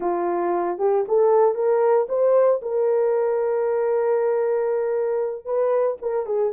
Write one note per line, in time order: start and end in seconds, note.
0.00 0.78 F4
0.78 1.04 G4
1.08 1.54 A4
1.54 2.07 A#4
2.08 2.60 C5
2.62 5.45 A#4
5.45 5.97 B4
6.01 6.26 A#4
6.26 6.52 G#4